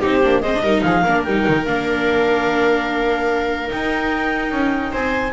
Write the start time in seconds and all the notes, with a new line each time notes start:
0.00 C4 D#4 G4 C5
0.23 A#3 D4
0.41 G#3 C4 C5 D#5
0.55 D4
0.61 G3 D#4 A#4
0.81 F3 G#4 F5
1.03 A#3 D4 A#4
1.23 G3 D#4 G5
1.47 D#3
1.65 A#3 D4 F5
3.67 D#4 G5
4.51 C#4
4.92 C4 C5 G#5